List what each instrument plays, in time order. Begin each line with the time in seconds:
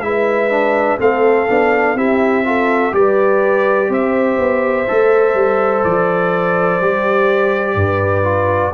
0.00 tuba G#3, trombone E4, trumpet E5
0.06 horn B4
0.50 trombone D4
0.99 tuba A3, trombone C4, horn A4, trumpet F5
1.50 tuba B3, trombone D4
1.94 tuba C4, trombone E4, horn G4, trumpet E5
2.44 trombone F4, horn A4
2.92 tuba G3, trombone G4, horn B4, trumpet D5
3.89 tuba C4, horn C5, trumpet E5
4.38 tuba B3
4.88 tuba A3, trombone A4
5.34 tuba G3
5.84 tuba F3, trumpet D5
6.81 tuba G3, trombone G4
7.75 tuba G2, horn B4
8.24 trombone F4